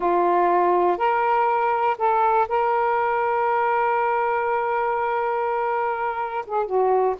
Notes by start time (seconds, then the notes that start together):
0.00 F4
0.97 A#4
1.97 A4
2.48 A#4
6.46 G#4
6.66 F#4